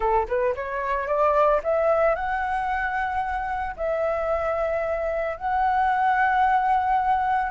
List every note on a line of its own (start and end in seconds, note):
0.00 0.27 A4
0.28 0.54 B4
0.55 1.07 C#5
1.07 1.60 D5
1.63 2.15 E5
2.15 3.75 F#5
3.76 5.37 E5
5.37 7.51 F#5